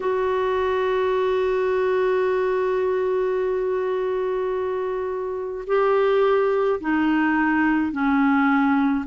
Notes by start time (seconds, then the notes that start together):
0.00 F#4
5.67 G4
6.80 D#4
7.91 C#4